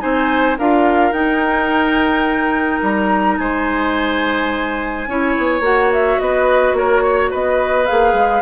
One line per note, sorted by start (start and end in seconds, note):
0.00 0.58 C4
0.00 0.56 D#4
0.00 0.58 C5
0.00 0.57 G#5
0.58 1.12 D4
0.58 1.13 F4
0.58 3.38 A#4
0.58 1.13 F5
1.12 2.80 D#4
1.12 5.06 D#4
1.12 2.81 G5
2.82 3.38 G3
2.82 3.38 A#5
3.38 5.07 G#3
3.38 5.09 C5
3.38 5.62 G#5
5.07 5.35 C#4
5.07 5.62 E4
5.07 6.21 C#5
5.38 5.60 B3
5.60 6.16 A#3
5.60 7.86 F#4
5.60 5.92 F#5
5.93 6.19 E5
6.19 6.73 B3
6.19 6.77 B4
6.19 6.75 D#5
6.73 7.29 A#3
6.73 7.03 A#4
6.73 7.32 C#5
7.03 7.31 C#5
7.31 7.90 B3
7.31 8.42 B4
7.31 7.86 D#5
7.86 8.13 A#3
7.86 8.42 G#4
7.86 8.42 F5
8.13 8.41 G#3